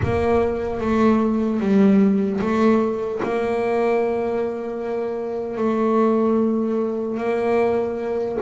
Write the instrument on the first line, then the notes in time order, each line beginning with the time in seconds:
double bass
0.03 A#3
0.80 A3
1.60 G3
2.40 A3
3.22 A#3
5.57 A3
7.17 A#3